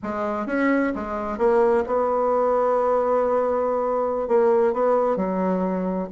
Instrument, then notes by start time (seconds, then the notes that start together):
bassoon
0.03 G#3
0.46 C#4
0.95 G#3
1.37 A#3
1.86 B3
4.28 A#3
4.73 B3
5.16 F#3